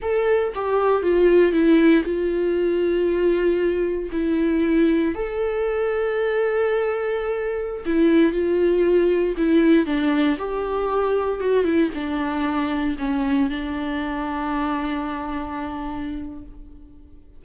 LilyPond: \new Staff \with { instrumentName = "viola" } { \time 4/4 \tempo 4 = 117 a'4 g'4 f'4 e'4 | f'1 | e'2 a'2~ | a'2.~ a'16 e'8.~ |
e'16 f'2 e'4 d'8.~ | d'16 g'2 fis'8 e'8 d'8.~ | d'4~ d'16 cis'4 d'4.~ d'16~ | d'1 | }